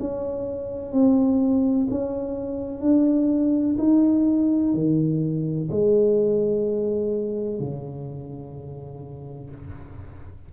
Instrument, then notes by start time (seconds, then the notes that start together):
tuba
0.00 C#4
0.93 C4
1.90 C#4
2.81 D4
3.79 D#4
4.74 D#3
5.71 G#3
7.60 C#3